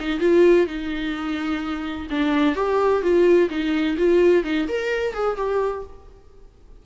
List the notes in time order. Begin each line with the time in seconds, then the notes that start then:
0.00 D#4
0.20 F4
0.67 D#4
2.11 D4
2.56 G4
3.03 F4
3.50 D#4
3.98 F4
4.44 D#4
4.69 A#4
5.14 G#4
5.37 G4